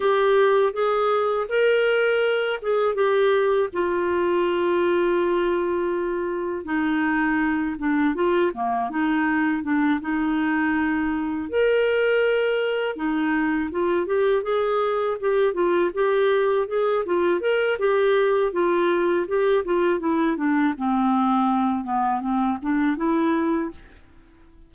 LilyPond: \new Staff \with { instrumentName = "clarinet" } { \time 4/4 \tempo 4 = 81 g'4 gis'4 ais'4. gis'8 | g'4 f'2.~ | f'4 dis'4. d'8 f'8 ais8 | dis'4 d'8 dis'2 ais'8~ |
ais'4. dis'4 f'8 g'8 gis'8~ | gis'8 g'8 f'8 g'4 gis'8 f'8 ais'8 | g'4 f'4 g'8 f'8 e'8 d'8 | c'4. b8 c'8 d'8 e'4 | }